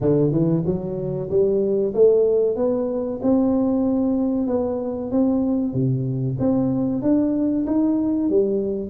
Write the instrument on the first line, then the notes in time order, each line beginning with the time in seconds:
tuba
0.00 D3
0.31 E3
0.66 F#3
1.29 G3
1.94 A3
2.56 B3
3.22 C4
4.47 B3
5.11 C4
5.73 C3
6.39 C4
7.02 D4
7.66 D#4
8.29 G3